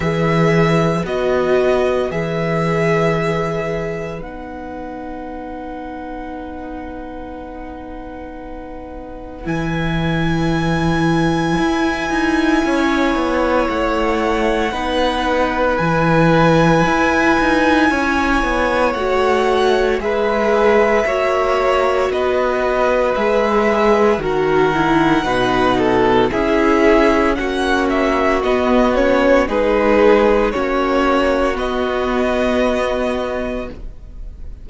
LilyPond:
<<
  \new Staff \with { instrumentName = "violin" } { \time 4/4 \tempo 4 = 57 e''4 dis''4 e''2 | fis''1~ | fis''4 gis''2.~ | gis''4 fis''2 gis''4~ |
gis''2 fis''4 e''4~ | e''4 dis''4 e''4 fis''4~ | fis''4 e''4 fis''8 e''8 dis''8 cis''8 | b'4 cis''4 dis''2 | }
  \new Staff \with { instrumentName = "violin" } { \time 4/4 b'1~ | b'1~ | b'1 | cis''2 b'2~ |
b'4 cis''2 b'4 | cis''4 b'2 ais'4 | b'8 a'8 gis'4 fis'2 | gis'4 fis'2. | }
  \new Staff \with { instrumentName = "viola" } { \time 4/4 gis'4 fis'4 gis'2 | dis'1~ | dis'4 e'2.~ | e'2 dis'4 e'4~ |
e'2 fis'4 gis'4 | fis'2 gis'4 fis'8 e'8 | dis'4 e'4 cis'4 b8 cis'8 | dis'4 cis'4 b2 | }
  \new Staff \with { instrumentName = "cello" } { \time 4/4 e4 b4 e2 | b1~ | b4 e2 e'8 dis'8 | cis'8 b8 a4 b4 e4 |
e'8 dis'8 cis'8 b8 a4 gis4 | ais4 b4 gis4 dis4 | b,4 cis'4 ais4 b4 | gis4 ais4 b2 | }
>>